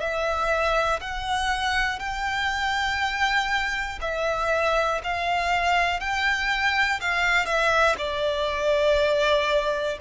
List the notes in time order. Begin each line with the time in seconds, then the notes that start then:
0.00 E5
1.00 F#5
1.99 G5
4.01 E5
5.03 F5
6.00 G5
7.00 F5
7.45 E5
7.98 D5